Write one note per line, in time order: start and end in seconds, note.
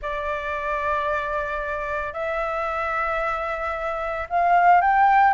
0.01 2.13 D5
2.13 4.27 E5
4.29 4.81 F5
4.81 5.33 G5